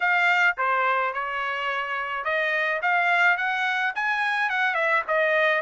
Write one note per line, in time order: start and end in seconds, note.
0.00 0.56 F5
0.57 1.13 C5
1.13 2.24 C#5
2.24 2.80 D#5
2.82 3.37 F5
3.37 3.93 F#5
3.95 4.49 G#5
4.49 4.74 F#5
4.74 5.02 E5
5.07 5.61 D#5